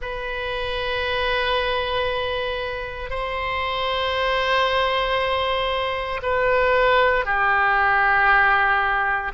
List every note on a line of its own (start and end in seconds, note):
0.01 3.09 B4
3.09 6.20 C5
6.22 7.25 B4
7.25 9.32 G4